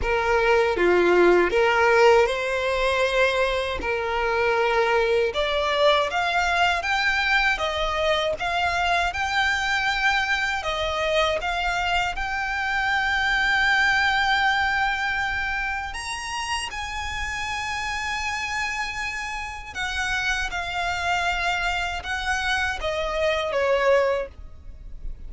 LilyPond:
\new Staff \with { instrumentName = "violin" } { \time 4/4 \tempo 4 = 79 ais'4 f'4 ais'4 c''4~ | c''4 ais'2 d''4 | f''4 g''4 dis''4 f''4 | g''2 dis''4 f''4 |
g''1~ | g''4 ais''4 gis''2~ | gis''2 fis''4 f''4~ | f''4 fis''4 dis''4 cis''4 | }